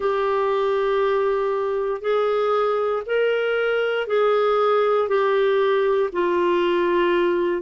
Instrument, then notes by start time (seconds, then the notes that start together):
clarinet
0.00 G4
2.01 G#4
3.06 A#4
4.07 G#4
5.08 G4
6.12 F4